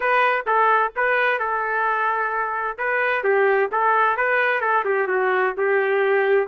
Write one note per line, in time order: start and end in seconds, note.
0.00 0.45 B4
0.46 0.92 A4
0.95 1.39 B4
1.39 2.77 A4
2.78 3.23 B4
3.23 3.69 G4
3.71 4.16 A4
4.16 4.60 B4
4.60 4.84 A4
4.84 5.07 G4
5.07 5.53 F#4
5.57 6.47 G4